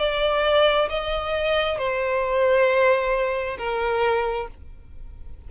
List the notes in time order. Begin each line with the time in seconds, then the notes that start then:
0.00 D5
0.90 D#5
1.79 C5
3.59 A#4